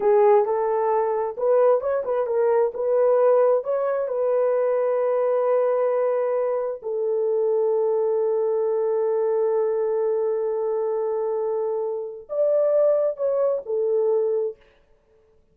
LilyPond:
\new Staff \with { instrumentName = "horn" } { \time 4/4 \tempo 4 = 132 gis'4 a'2 b'4 | cis''8 b'8 ais'4 b'2 | cis''4 b'2.~ | b'2. a'4~ |
a'1~ | a'1~ | a'2. d''4~ | d''4 cis''4 a'2 | }